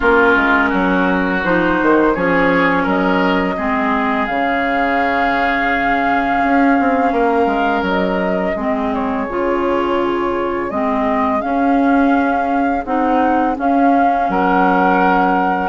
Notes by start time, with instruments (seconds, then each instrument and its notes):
0.00 bassoon A#3, clarinet C#4, oboe F4, flute A#4
0.35 bassoon G#3
0.69 bassoon F#3, oboe F#4
1.43 bassoon F3, clarinet D#4, flute C5
1.82 bassoon D#3
2.14 bassoon F3, clarinet C#4, oboe G#4, flute C#5
2.83 bassoon F#3, oboe A#4, flute D#5
3.56 bassoon G#3, clarinet C4, oboe G#4
4.26 bassoon C#3, clarinet C#4, flute F5
6.43 bassoon C#4
6.79 bassoon C4
7.11 bassoon A#3, oboe A#4
7.46 bassoon G#3
7.82 bassoon F#3, flute D#5
8.55 bassoon G#3, clarinet C4, oboe G#4
8.94 flute C#5
9.29 bassoon C#3, clarinet F4
10.70 bassoon G#3, clarinet C4, flute D#5
11.40 clarinet C#4, bassoon C#4, flute F5
12.84 bassoon C4, clarinet D#4, flute F#5
13.55 clarinet C#4, bassoon C#4, flute F5
14.29 bassoon F#3, oboe A#4, flute F#5